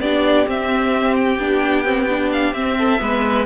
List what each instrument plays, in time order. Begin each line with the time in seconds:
0.00 cello B3, viola D4, violin G4 D5
0.46 viola C4, cello C4, violin E5
1.16 violin G5
1.39 cello B3, viola D4
1.85 viola C4
2.09 viola D4
2.32 violin F5
2.53 cello C4, viola C4, violin E5
2.79 violin A4
2.99 cello G#3, viola B3, violin B4